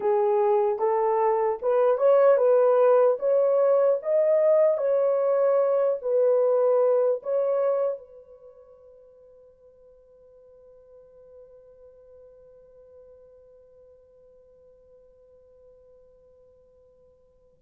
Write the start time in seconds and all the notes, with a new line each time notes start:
0.00 G#4
0.78 A4
1.62 B4
1.97 C#5
2.37 B4
3.19 C#5
4.02 D#5
4.77 C#5
6.01 B4
7.22 C#5
7.98 B4